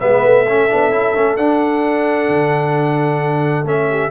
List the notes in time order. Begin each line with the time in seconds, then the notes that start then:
0.00 G#3 B3 B4 E5
0.24 A3
0.48 C#4 A4
0.69 B3 D4
0.91 C#4 E4
1.15 A3 C#4
1.37 D4 F#5
2.29 D3
3.65 A3 C#4 E5
3.90 G4